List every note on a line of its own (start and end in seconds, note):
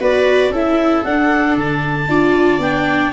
0.00 0.50 B3
0.00 0.52 F#4
0.00 0.51 B4
0.00 0.54 D5
0.50 1.02 C#4
0.50 1.05 E4
0.50 2.07 A4
0.50 1.04 E5
1.04 1.56 D4
1.04 2.08 D4
1.04 1.56 F#5
1.56 2.08 D3
1.56 2.61 A5
2.08 2.58 D4
2.08 2.61 F4
2.08 3.12 D5
2.58 3.11 B3
2.58 3.12 D4
2.58 3.12 G5